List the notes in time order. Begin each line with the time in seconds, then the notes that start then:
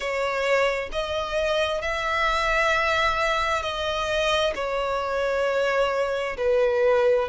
0.00 C#5
0.92 D#5
1.81 E5
3.62 D#5
4.55 C#5
6.37 B4